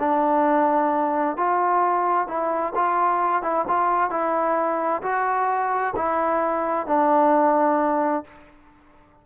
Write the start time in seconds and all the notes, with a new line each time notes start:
0.00 D4
1.37 F4
2.28 E4
2.75 F4
3.43 E4
3.68 F4
4.11 E4
5.03 F#4
5.96 E4
6.87 D4